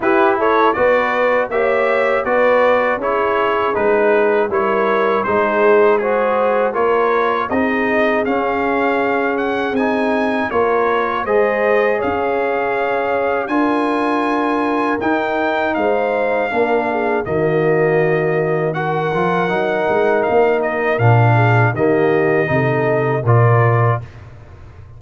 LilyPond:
<<
  \new Staff \with { instrumentName = "trumpet" } { \time 4/4 \tempo 4 = 80 b'8 cis''8 d''4 e''4 d''4 | cis''4 b'4 cis''4 c''4 | gis'4 cis''4 dis''4 f''4~ | f''8 fis''8 gis''4 cis''4 dis''4 |
f''2 gis''2 | g''4 f''2 dis''4~ | dis''4 fis''2 f''8 dis''8 | f''4 dis''2 d''4 | }
  \new Staff \with { instrumentName = "horn" } { \time 4/4 g'8 a'8 b'4 cis''4 b'4 | gis'2 ais'4 gis'4 | c''4 ais'4 gis'2~ | gis'2 ais'4 c''4 |
cis''2 ais'2~ | ais'4 c''4 ais'8 gis'8 fis'4~ | fis'4 ais'2.~ | ais'8 gis'8 g'4 a'4 ais'4 | }
  \new Staff \with { instrumentName = "trombone" } { \time 4/4 e'4 fis'4 g'4 fis'4 | e'4 dis'4 e'4 dis'4 | fis'4 f'4 dis'4 cis'4~ | cis'4 dis'4 f'4 gis'4~ |
gis'2 f'2 | dis'2 d'4 ais4~ | ais4 fis'8 f'8 dis'2 | d'4 ais4 dis'4 f'4 | }
  \new Staff \with { instrumentName = "tuba" } { \time 4/4 e'4 b4 ais4 b4 | cis'4 gis4 g4 gis4~ | gis4 ais4 c'4 cis'4~ | cis'4 c'4 ais4 gis4 |
cis'2 d'2 | dis'4 gis4 ais4 dis4~ | dis4. f8 fis8 gis8 ais4 | ais,4 dis4 c4 ais,4 | }
>>